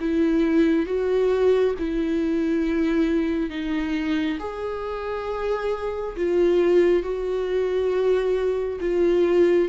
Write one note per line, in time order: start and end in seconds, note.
0.00 0.86 E4
0.86 1.74 F#4
1.79 3.51 E4
3.51 4.39 D#4
4.40 6.16 G#4
6.17 7.03 F4
7.03 8.80 F#4
8.81 9.69 F4